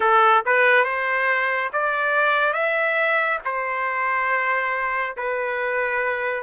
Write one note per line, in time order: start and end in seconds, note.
0.00 0.43 A4
0.45 0.84 B4
0.84 1.70 C5
1.72 2.53 D5
2.53 3.39 E5
3.44 5.16 C5
5.17 6.42 B4